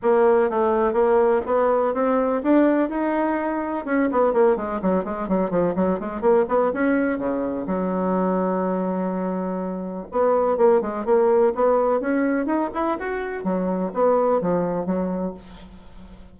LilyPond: \new Staff \with { instrumentName = "bassoon" } { \time 4/4 \tempo 4 = 125 ais4 a4 ais4 b4 | c'4 d'4 dis'2 | cis'8 b8 ais8 gis8 fis8 gis8 fis8 f8 | fis8 gis8 ais8 b8 cis'4 cis4 |
fis1~ | fis4 b4 ais8 gis8 ais4 | b4 cis'4 dis'8 e'8 fis'4 | fis4 b4 f4 fis4 | }